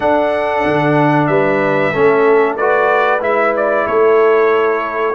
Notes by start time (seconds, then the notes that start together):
0.00 D4 A4 F#5
0.65 D3
1.26 G3 B4 E5
1.93 A3 C#4 A4
2.56 F#4 B4 D5
3.20 G#3 E4 E5
3.56 D5
3.87 A3 A4 C#5